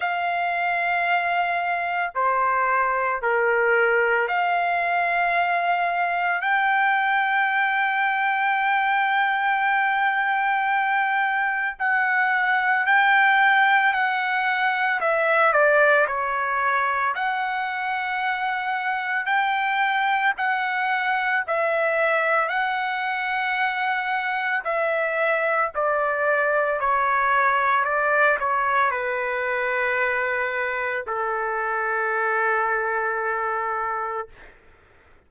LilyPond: \new Staff \with { instrumentName = "trumpet" } { \time 4/4 \tempo 4 = 56 f''2 c''4 ais'4 | f''2 g''2~ | g''2. fis''4 | g''4 fis''4 e''8 d''8 cis''4 |
fis''2 g''4 fis''4 | e''4 fis''2 e''4 | d''4 cis''4 d''8 cis''8 b'4~ | b'4 a'2. | }